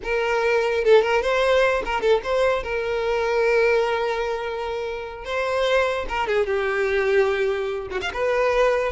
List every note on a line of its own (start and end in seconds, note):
0.03 0.84 A#4
0.84 1.02 A4
1.02 1.22 A#4
1.22 1.82 C5
1.85 2.01 A#4
2.01 2.21 A4
2.23 2.63 C5
2.63 5.25 A#4
5.25 6.06 C5
6.08 6.27 A#4
6.27 6.46 G#4
6.46 7.88 G4
7.90 8.00 F#4
8.01 8.11 F5
8.13 8.92 B4